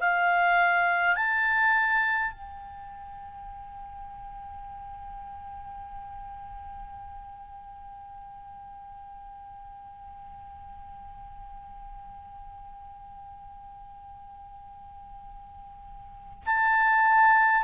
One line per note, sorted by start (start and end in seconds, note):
0.00 1.16 F5
1.16 2.32 A5
2.32 16.44 G5
16.46 17.64 A5